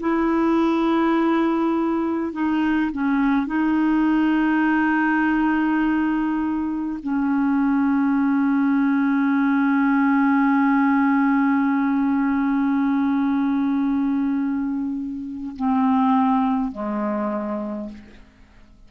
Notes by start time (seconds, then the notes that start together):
0.00 E4
2.32 D#4
2.91 C#4
3.46 D#4
7.03 C#4
15.56 C4
16.72 G#3